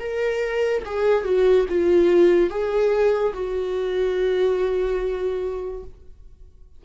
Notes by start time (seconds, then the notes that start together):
0.00 A#4
0.86 G#4
1.25 F#4
1.69 F4
2.50 G#4
3.34 F#4